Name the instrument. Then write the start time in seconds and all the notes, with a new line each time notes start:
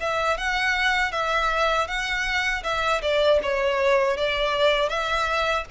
violin
0.00 E5
0.37 F#5
1.12 E5
1.87 F#5
2.63 E5
3.02 D5
3.43 C#5
4.17 D5
4.89 E5